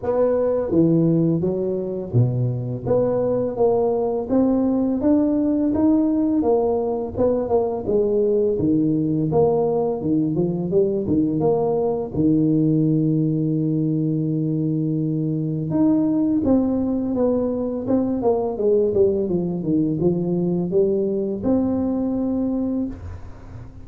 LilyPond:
\new Staff \with { instrumentName = "tuba" } { \time 4/4 \tempo 4 = 84 b4 e4 fis4 b,4 | b4 ais4 c'4 d'4 | dis'4 ais4 b8 ais8 gis4 | dis4 ais4 dis8 f8 g8 dis8 |
ais4 dis2.~ | dis2 dis'4 c'4 | b4 c'8 ais8 gis8 g8 f8 dis8 | f4 g4 c'2 | }